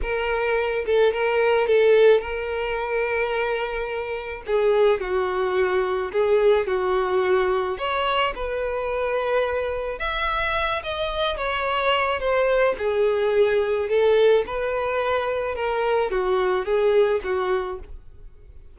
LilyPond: \new Staff \with { instrumentName = "violin" } { \time 4/4 \tempo 4 = 108 ais'4. a'8 ais'4 a'4 | ais'1 | gis'4 fis'2 gis'4 | fis'2 cis''4 b'4~ |
b'2 e''4. dis''8~ | dis''8 cis''4. c''4 gis'4~ | gis'4 a'4 b'2 | ais'4 fis'4 gis'4 fis'4 | }